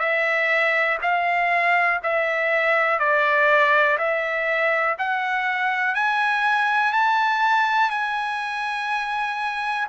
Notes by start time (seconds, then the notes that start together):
0.00 E5
1.03 F5
2.04 E5
3.00 D5
3.98 E5
4.99 F#5
5.96 G#5
6.93 A5
7.90 G#5